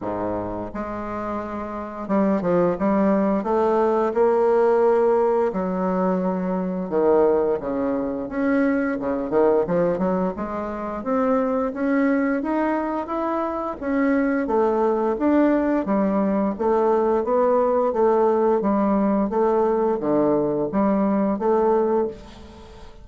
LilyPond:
\new Staff \with { instrumentName = "bassoon" } { \time 4/4 \tempo 4 = 87 gis,4 gis2 g8 f8 | g4 a4 ais2 | fis2 dis4 cis4 | cis'4 cis8 dis8 f8 fis8 gis4 |
c'4 cis'4 dis'4 e'4 | cis'4 a4 d'4 g4 | a4 b4 a4 g4 | a4 d4 g4 a4 | }